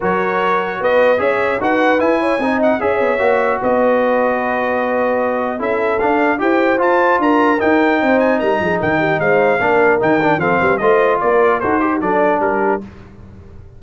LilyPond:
<<
  \new Staff \with { instrumentName = "trumpet" } { \time 4/4 \tempo 4 = 150 cis''2 dis''4 e''4 | fis''4 gis''4. fis''8 e''4~ | e''4 dis''2.~ | dis''2 e''4 f''4 |
g''4 a''4 ais''4 g''4~ | g''8 gis''8 ais''4 g''4 f''4~ | f''4 g''4 f''4 dis''4 | d''4 c''4 d''4 ais'4 | }
  \new Staff \with { instrumentName = "horn" } { \time 4/4 ais'2 b'4 cis''4 | b'4. cis''8 dis''4 cis''4~ | cis''4 b'2.~ | b'2 a'2 |
c''2 ais'2 | c''4 ais'8 gis'8 ais'8 g'8 c''4 | ais'2 a'8 b'8 c''4 | ais'4 a'8 g'8 a'4 g'4 | }
  \new Staff \with { instrumentName = "trombone" } { \time 4/4 fis'2. gis'4 | fis'4 e'4 dis'4 gis'4 | fis'1~ | fis'2 e'4 d'4 |
g'4 f'2 dis'4~ | dis'1 | d'4 dis'8 d'8 c'4 f'4~ | f'4 fis'8 g'8 d'2 | }
  \new Staff \with { instrumentName = "tuba" } { \time 4/4 fis2 b4 cis'4 | dis'4 e'4 c'4 cis'8 b8 | ais4 b2.~ | b2 cis'4 d'4 |
e'4 f'4 d'4 dis'4 | c'4 g8 f8 dis4 gis4 | ais4 dis4 f8 g8 a4 | ais4 dis'4 fis4 g4 | }
>>